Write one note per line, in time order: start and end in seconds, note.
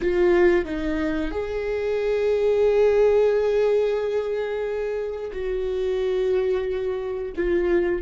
0.01 0.65 F4
0.65 1.31 D#4
1.31 5.31 G#4
5.32 7.32 F#4
7.35 8.02 F4